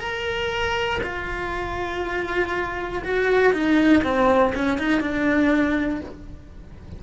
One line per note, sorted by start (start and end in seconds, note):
0.00 1.00 A#4
1.03 3.03 F4
3.05 3.53 F#4
3.53 4.03 D#4
4.04 4.54 C4
4.55 4.79 C#4
4.79 5.01 D#4
5.01 6.01 D4